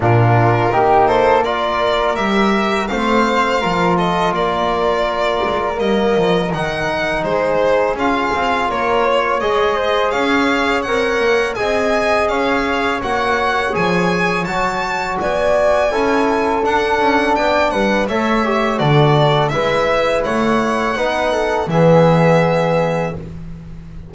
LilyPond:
<<
  \new Staff \with { instrumentName = "violin" } { \time 4/4 \tempo 4 = 83 ais'4. c''8 d''4 e''4 | f''4. dis''8 d''2 | dis''4 fis''4 c''4 f''4 | cis''4 dis''4 f''4 fis''4 |
gis''4 f''4 fis''4 gis''4 | a''4 gis''2 fis''4 | g''8 fis''8 e''4 d''4 e''4 | fis''2 e''2 | }
  \new Staff \with { instrumentName = "flute" } { \time 4/4 f'4 g'8 a'8 ais'2 | c''4 ais'8 a'8 ais'2~ | ais'2 gis'2 | ais'8 cis''4 c''8 cis''2 |
dis''4 cis''2.~ | cis''4 d''4 a'2 | d''8 b'8 cis''4 a'4 b'4 | cis''4 b'8 a'8 gis'2 | }
  \new Staff \with { instrumentName = "trombone" } { \time 4/4 d'4 dis'4 f'4 g'4 | c'4 f'2. | ais4 dis'2 f'4~ | f'4 gis'2 ais'4 |
gis'2 fis'4 gis'4 | fis'2 e'4 d'4~ | d'4 a'8 g'8 fis'4 e'4~ | e'4 dis'4 b2 | }
  \new Staff \with { instrumentName = "double bass" } { \time 4/4 ais,4 ais2 g4 | a4 f4 ais4. gis8 | g8 f8 dis4 gis4 cis'8 c'8 | ais4 gis4 cis'4 c'8 ais8 |
c'4 cis'4 ais4 f4 | fis4 b4 cis'4 d'8 cis'8 | b8 g8 a4 d4 gis4 | a4 b4 e2 | }
>>